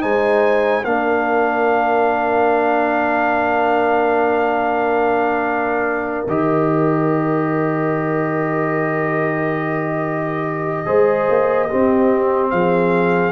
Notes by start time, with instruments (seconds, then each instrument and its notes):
0.00 tuba G#3, trombone D#4, horn C5, trumpet G#5
0.84 tuba A#3, trombone D4, horn A#4, trumpet F5
6.27 tuba D#3, trombone G4, trumpet D#5
10.85 tuba G#3, trombone G#4, horn C5
11.29 tuba A#3
11.69 trombone C4, tuba C4, horn G4
12.50 tuba F3, horn G#4, trumpet F5